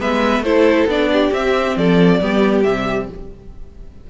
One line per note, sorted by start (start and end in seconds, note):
0.00 0.40 G#3
0.00 0.44 B3
0.00 0.44 B4
0.00 0.44 E5
0.40 0.84 A3
0.40 0.89 E4
0.40 1.11 A4
0.40 0.88 C5
0.86 1.30 B3
0.86 1.33 D4
0.86 1.34 D5
1.13 1.78 G4
1.33 1.76 C4
1.33 2.21 C4
1.33 1.78 E5
1.76 2.20 F3
1.76 2.22 A4
1.76 2.63 D5
2.21 2.65 G3
2.21 2.65 B3
2.21 3.10 G4
2.63 3.10 C3
2.63 3.09 G3
2.63 3.07 E5